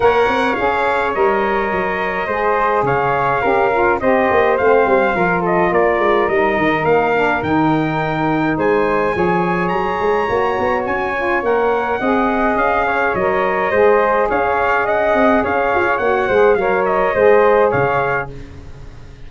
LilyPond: <<
  \new Staff \with { instrumentName = "trumpet" } { \time 4/4 \tempo 4 = 105 fis''4 f''4 dis''2~ | dis''4 f''2 dis''4 | f''4. dis''8 d''4 dis''4 | f''4 g''2 gis''4~ |
gis''4 ais''2 gis''4 | fis''2 f''4 dis''4~ | dis''4 f''4 fis''4 f''4 | fis''4 f''8 dis''4. f''4 | }
  \new Staff \with { instrumentName = "flute" } { \time 4/4 cis''1 | c''4 cis''4 ais'4 c''4~ | c''4 ais'8 a'8 ais'2~ | ais'2. c''4 |
cis''1~ | cis''4 dis''4. cis''4. | c''4 cis''4 dis''4 cis''4~ | cis''8 c''8 cis''4 c''4 cis''4 | }
  \new Staff \with { instrumentName = "saxophone" } { \time 4/4 ais'4 gis'4 ais'2 | gis'2 g'8 f'8 g'4 | c'4 f'2 dis'4~ | dis'8 d'8 dis'2. |
gis'2 fis'4. f'8 | ais'4 gis'2 ais'4 | gis'1 | fis'8 gis'8 ais'4 gis'2 | }
  \new Staff \with { instrumentName = "tuba" } { \time 4/4 ais8 c'8 cis'4 g4 fis4 | gis4 cis4 cis'4 c'8 ais8 | a8 g8 f4 ais8 gis8 g8 dis8 | ais4 dis2 gis4 |
f4 fis8 gis8 ais8 b8 cis'4 | ais4 c'4 cis'4 fis4 | gis4 cis'4. c'8 cis'8 f'8 | ais8 gis8 fis4 gis4 cis4 | }
>>